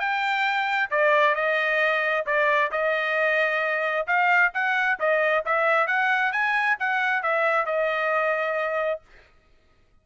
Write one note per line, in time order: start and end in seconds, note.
0.00 0.90 G5
0.91 1.35 D5
1.35 2.26 D#5
2.27 2.72 D5
2.72 4.07 D#5
4.07 4.53 F5
4.54 4.99 F#5
5.00 5.45 D#5
5.46 5.87 E5
5.87 6.33 F#5
6.33 6.78 G#5
6.80 7.23 F#5
7.23 7.66 E5
7.66 9.02 D#5